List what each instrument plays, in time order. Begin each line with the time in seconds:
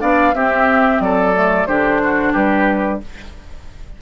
0.00 bassoon B3, clarinet D4, oboe D5, flute F5
0.34 bassoon C4, clarinet C4, oboe G4, flute E5
1.00 bassoon F#3, oboe A4, flute D5
1.35 clarinet A3
1.67 bassoon D3, clarinet D4, oboe G4, flute C5
2.04 oboe F#4
2.33 bassoon G3, oboe G4, flute B4